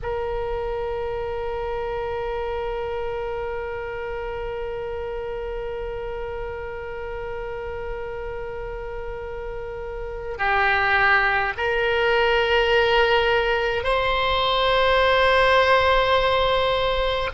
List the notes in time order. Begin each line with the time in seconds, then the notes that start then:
0.02 A#4
10.38 G4
11.57 A#4
13.83 C5